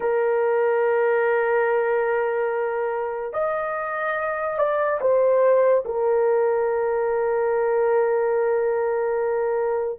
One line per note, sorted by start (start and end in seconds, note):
0.00 3.33 A#4
3.33 4.58 D#5
4.58 5.00 D5
5.00 5.84 C5
5.85 9.98 A#4